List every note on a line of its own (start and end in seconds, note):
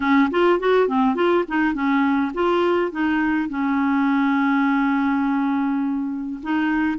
0.00 0.29 C#4
0.30 0.59 F4
0.59 0.88 F#4
0.88 1.15 C4
1.15 1.44 F4
1.47 1.73 D#4
1.73 2.32 C#4
2.34 2.91 F4
2.91 3.49 D#4
3.49 6.40 C#4
6.42 6.98 D#4